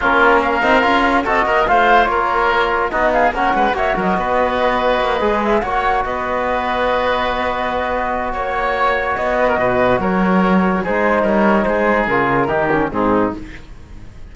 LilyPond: <<
  \new Staff \with { instrumentName = "flute" } { \time 4/4 \tempo 4 = 144 ais'4 f''2 dis''4 | f''4 cis''2 dis''8 f''8 | fis''4 e''8 dis''2~ dis''8~ | dis''4 e''8 fis''4 dis''4.~ |
dis''1 | cis''2 dis''2 | cis''2 c''4 cis''4 | c''4 ais'2 gis'4 | }
  \new Staff \with { instrumentName = "oboe" } { \time 4/4 f'4 ais'2 a'8 ais'8 | c''4 ais'2 fis'8 gis'8 | ais'8 b'8 cis''8 ais'8 b'2~ | b'4. cis''4 b'4.~ |
b'1 | cis''2~ cis''8 b'16 ais'16 b'4 | ais'2 gis'4 ais'4 | gis'2 g'4 dis'4 | }
  \new Staff \with { instrumentName = "trombone" } { \time 4/4 cis'4. dis'8 f'4 fis'4 | f'2. dis'4 | cis'4 fis'2.~ | fis'8 gis'4 fis'2~ fis'8~ |
fis'1~ | fis'1~ | fis'2 dis'2~ | dis'4 f'4 dis'8 cis'8 c'4 | }
  \new Staff \with { instrumentName = "cello" } { \time 4/4 ais4. c'8 cis'4 c'8 ais8 | a4 ais2 b4 | ais8 gis8 ais8 fis8 b2 | ais8 gis4 ais4 b4.~ |
b1 | ais2 b4 b,4 | fis2 gis4 g4 | gis4 cis4 dis4 gis,4 | }
>>